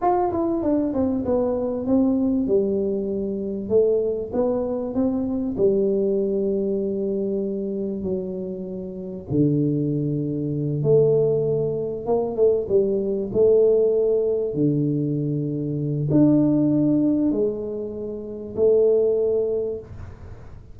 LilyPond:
\new Staff \with { instrumentName = "tuba" } { \time 4/4 \tempo 4 = 97 f'8 e'8 d'8 c'8 b4 c'4 | g2 a4 b4 | c'4 g2.~ | g4 fis2 d4~ |
d4. a2 ais8 | a8 g4 a2 d8~ | d2 d'2 | gis2 a2 | }